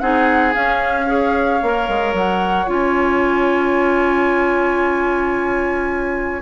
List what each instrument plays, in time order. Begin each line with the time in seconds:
0.00 bassoon C4, clarinet D#4, oboe G#4, flute F#5
0.54 clarinet C#4, bassoon C#4, flute F5
1.06 clarinet G#4, oboe C#5
1.63 bassoon A#3, clarinet A#4
1.89 bassoon G#3
2.13 bassoon F#3, flute F#5
2.67 bassoon C#4, clarinet F4, flute G#5